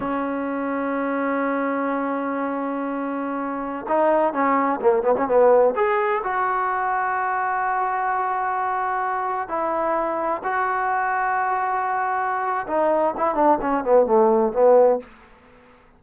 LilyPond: \new Staff \with { instrumentName = "trombone" } { \time 4/4 \tempo 4 = 128 cis'1~ | cis'1~ | cis'16 dis'4 cis'4 ais8 b16 cis'16 b8.~ | b16 gis'4 fis'2~ fis'8.~ |
fis'1~ | fis'16 e'2 fis'4.~ fis'16~ | fis'2. dis'4 | e'8 d'8 cis'8 b8 a4 b4 | }